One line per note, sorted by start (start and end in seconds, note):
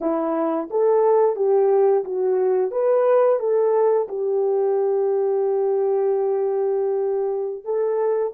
0.00 0.68 E4
0.70 1.35 A4
1.35 2.04 G4
2.04 2.71 F#4
2.71 3.39 B4
3.39 4.07 A4
4.08 7.64 G4
7.64 8.32 A4